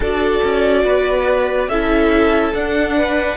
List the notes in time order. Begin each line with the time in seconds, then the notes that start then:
0.00 D4 F#4 A4 D5
0.43 C#4
0.84 B3 B4
1.68 C#4 E4 A4 E5
2.54 D4 F#5
2.96 B4